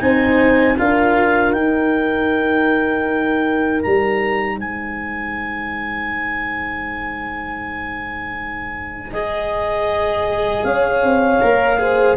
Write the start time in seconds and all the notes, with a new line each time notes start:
0.00 C4 D#4 C5 G#5
0.78 D4 F4 A#4 F5
1.52 D#4 G5
3.82 G3 A#5
4.56 G#3 C5 G#5
9.13 G#4 D#5
10.64 C#4 C#5 F5
11.02 C4
11.41 A#3 A#4
11.79 G#4 C5